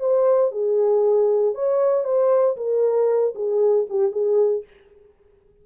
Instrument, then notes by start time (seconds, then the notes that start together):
horn
0.00 C5
0.51 G#4
1.55 C#5
2.04 C5
2.57 A#4
3.35 G#4
3.89 G4
4.12 G#4